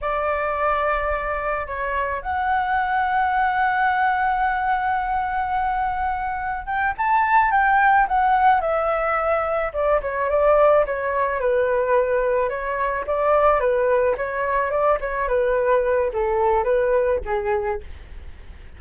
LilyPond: \new Staff \with { instrumentName = "flute" } { \time 4/4 \tempo 4 = 108 d''2. cis''4 | fis''1~ | fis''1 | g''8 a''4 g''4 fis''4 e''8~ |
e''4. d''8 cis''8 d''4 cis''8~ | cis''8 b'2 cis''4 d''8~ | d''8 b'4 cis''4 d''8 cis''8 b'8~ | b'4 a'4 b'4 gis'4 | }